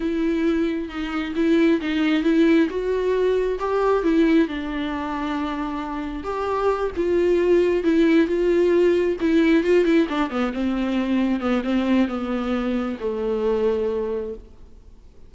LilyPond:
\new Staff \with { instrumentName = "viola" } { \time 4/4 \tempo 4 = 134 e'2 dis'4 e'4 | dis'4 e'4 fis'2 | g'4 e'4 d'2~ | d'2 g'4. f'8~ |
f'4. e'4 f'4.~ | f'8 e'4 f'8 e'8 d'8 b8 c'8~ | c'4. b8 c'4 b4~ | b4 a2. | }